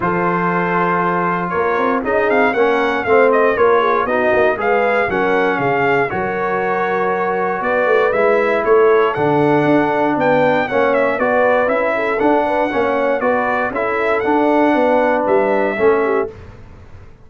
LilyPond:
<<
  \new Staff \with { instrumentName = "trumpet" } { \time 4/4 \tempo 4 = 118 c''2. cis''4 | dis''8 f''8 fis''4 f''8 dis''8 cis''4 | dis''4 f''4 fis''4 f''4 | cis''2. d''4 |
e''4 cis''4 fis''2 | g''4 fis''8 e''8 d''4 e''4 | fis''2 d''4 e''4 | fis''2 e''2 | }
  \new Staff \with { instrumentName = "horn" } { \time 4/4 a'2. ais'4 | gis'4 ais'4 c''4 ais'8 gis'8 | fis'4 b'4 ais'4 gis'4 | ais'2. b'4~ |
b'4 a'2. | b'4 cis''4 b'4. a'8~ | a'8 b'8 cis''4 b'4 a'4~ | a'4 b'2 a'8 g'8 | }
  \new Staff \with { instrumentName = "trombone" } { \time 4/4 f'1 | dis'4 cis'4 c'4 f'4 | dis'4 gis'4 cis'2 | fis'1 |
e'2 d'2~ | d'4 cis'4 fis'4 e'4 | d'4 cis'4 fis'4 e'4 | d'2. cis'4 | }
  \new Staff \with { instrumentName = "tuba" } { \time 4/4 f2. ais8 c'8 | cis'8 c'8 ais4 a4 ais4 | b8 ais8 gis4 fis4 cis4 | fis2. b8 a8 |
gis4 a4 d4 d'4 | b4 ais4 b4 cis'4 | d'4 ais4 b4 cis'4 | d'4 b4 g4 a4 | }
>>